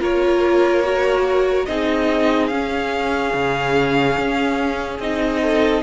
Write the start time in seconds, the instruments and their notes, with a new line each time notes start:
0.00 cello A#3, viola F4, violin A#4 C#5
0.84 viola F#4
1.66 cello C4, viola D#4, violin G#4 D#5
2.47 cello C#4, viola C#4, violin F5
3.34 cello C#3
4.18 cello C#4
4.99 cello C4, viola D#4, violin D#5
5.42 violin A4